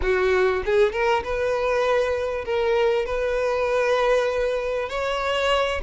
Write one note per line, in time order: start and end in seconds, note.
0.01 0.63 F#4
0.65 0.92 G#4
0.92 1.23 A#4
1.24 2.44 B4
2.44 3.05 A#4
3.05 4.89 B4
4.89 5.81 C#5